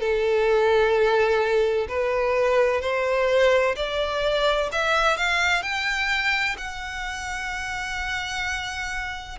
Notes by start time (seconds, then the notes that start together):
0.00 A4
1.89 B4
2.81 C5
3.76 D5
4.72 E5
5.17 F5
5.62 G5
6.58 F#5